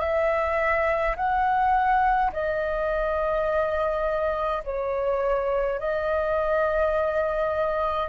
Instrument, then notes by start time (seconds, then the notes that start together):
flute
0.00 E5
1.16 F#5
2.32 D#5
4.64 C#5
5.79 D#5